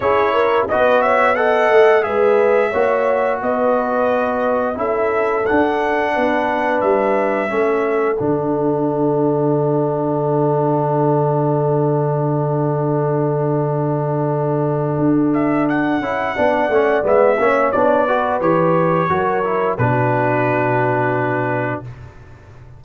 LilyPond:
<<
  \new Staff \with { instrumentName = "trumpet" } { \time 4/4 \tempo 4 = 88 cis''4 dis''8 e''8 fis''4 e''4~ | e''4 dis''2 e''4 | fis''2 e''2 | fis''1~ |
fis''1~ | fis''2~ fis''8 e''8 fis''4~ | fis''4 e''4 d''4 cis''4~ | cis''4 b'2. | }
  \new Staff \with { instrumentName = "horn" } { \time 4/4 gis'8 ais'8 b'8 cis''8 dis''4 b'4 | cis''4 b'2 a'4~ | a'4 b'2 a'4~ | a'1~ |
a'1~ | a'1 | d''4. cis''4 b'4. | ais'4 fis'2. | }
  \new Staff \with { instrumentName = "trombone" } { \time 4/4 e'4 fis'4 a'4 gis'4 | fis'2. e'4 | d'2. cis'4 | d'1~ |
d'1~ | d'2.~ d'8 e'8 | d'8 cis'8 b8 cis'8 d'8 fis'8 g'4 | fis'8 e'8 d'2. | }
  \new Staff \with { instrumentName = "tuba" } { \time 4/4 cis'4 b4. a8 gis4 | ais4 b2 cis'4 | d'4 b4 g4 a4 | d1~ |
d1~ | d2 d'4. cis'8 | b8 a8 gis8 ais8 b4 e4 | fis4 b,2. | }
>>